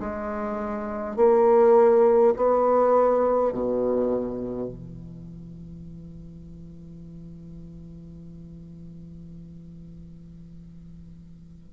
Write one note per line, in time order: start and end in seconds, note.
0.00 1.17 G#3
1.17 2.34 A#3
2.36 3.52 B3
3.52 4.68 B2
4.68 11.73 E3